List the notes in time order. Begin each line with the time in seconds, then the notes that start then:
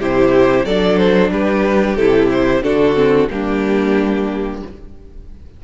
0.00 C3 E4 G4 C5
0.66 F#3 D4 A4 D5
0.98 C5
1.31 G3 G4 B4
1.96 C3 E4 A4
2.32 C5
2.63 D3 D4 F#4 A4
2.95 C4
3.30 G3 A#3 D4 G4